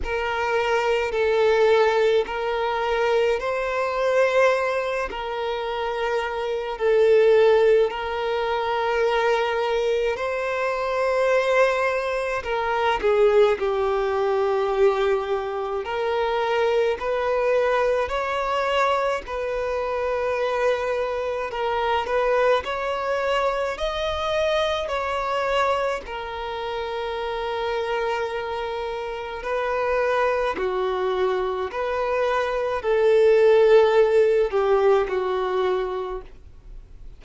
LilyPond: \new Staff \with { instrumentName = "violin" } { \time 4/4 \tempo 4 = 53 ais'4 a'4 ais'4 c''4~ | c''8 ais'4. a'4 ais'4~ | ais'4 c''2 ais'8 gis'8 | g'2 ais'4 b'4 |
cis''4 b'2 ais'8 b'8 | cis''4 dis''4 cis''4 ais'4~ | ais'2 b'4 fis'4 | b'4 a'4. g'8 fis'4 | }